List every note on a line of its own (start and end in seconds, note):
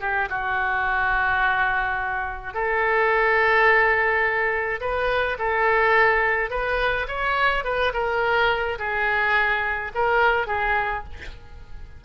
0.00 0.28 G4
0.29 2.53 F#4
2.53 4.80 A4
4.80 5.37 B4
5.38 6.50 A4
6.50 7.06 B4
7.08 7.64 C#5
7.64 7.92 B4
7.93 8.78 A#4
8.78 9.91 G#4
9.94 10.47 A#4
10.47 11.03 G#4